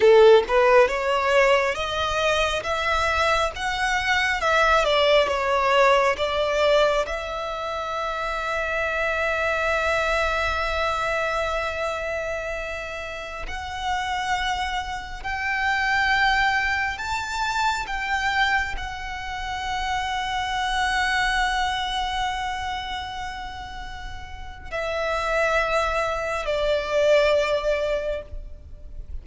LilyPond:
\new Staff \with { instrumentName = "violin" } { \time 4/4 \tempo 4 = 68 a'8 b'8 cis''4 dis''4 e''4 | fis''4 e''8 d''8 cis''4 d''4 | e''1~ | e''2.~ e''16 fis''8.~ |
fis''4~ fis''16 g''2 a''8.~ | a''16 g''4 fis''2~ fis''8.~ | fis''1 | e''2 d''2 | }